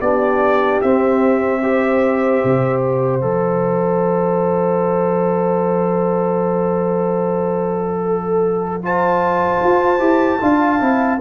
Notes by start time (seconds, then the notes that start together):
0.00 B3 D4 G4 D5
0.81 C4 E5
1.61 G4 C5
2.43 C3
2.80 F5
3.21 F3 A4
8.02 A4
8.82 F4 C5 A5
9.63 F4
9.99 E4 G4
10.40 D4 F4 F5
10.79 C4 E4